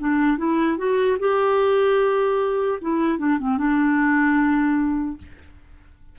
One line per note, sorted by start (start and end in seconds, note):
0.00 0.38 D4
0.38 0.77 E4
0.77 1.17 F#4
1.19 2.79 G4
2.81 3.19 E4
3.19 3.39 D4
3.39 3.57 C4
3.57 5.17 D4